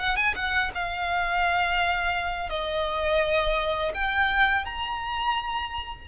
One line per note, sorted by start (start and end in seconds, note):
0.00 0.16 F#5
0.16 0.34 G#5
0.36 0.71 F#5
0.75 2.49 F5
2.49 3.92 D#5
3.94 4.65 G5
4.65 6.08 A#5